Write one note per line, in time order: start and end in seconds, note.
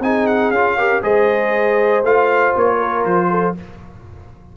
0.00 0.50 C4
0.00 0.54 D#4
0.00 0.77 G#4
0.00 0.27 G#5
0.27 0.51 F#5
0.51 1.01 C#4
0.51 0.78 F4
0.51 1.01 F5
0.77 1.02 G4
0.77 1.02 A#4
1.02 2.03 G#3
1.02 2.03 G#4
1.02 2.77 C5
1.02 2.04 D#5
2.03 2.53 A3
2.03 3.56 F4
2.03 2.55 F5
2.56 3.05 A#3
2.56 3.05 C#5
2.77 3.27 A#4
3.05 3.55 F3
3.05 3.55 C5
3.30 3.55 A4